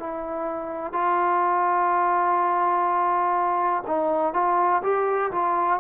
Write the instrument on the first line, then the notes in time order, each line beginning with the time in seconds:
trombone
0.00 E4
0.93 F4
3.87 D#4
4.34 F4
4.83 G4
5.32 F4